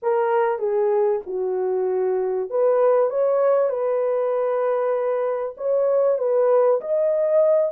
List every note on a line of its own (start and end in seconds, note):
0.02 0.58 A#4
0.58 1.20 G#4
1.26 2.49 F#4
2.49 3.10 B4
3.10 3.69 C#5
3.69 5.55 B4
5.57 6.18 C#5
6.18 6.80 B4
6.80 7.72 D#5